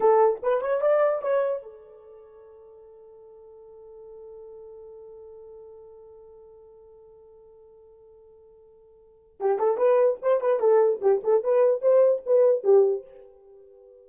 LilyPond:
\new Staff \with { instrumentName = "horn" } { \time 4/4 \tempo 4 = 147 a'4 b'8 cis''8 d''4 cis''4 | a'1~ | a'1~ | a'1~ |
a'1~ | a'2. g'8 a'8 | b'4 c''8 b'8 a'4 g'8 a'8 | b'4 c''4 b'4 g'4 | }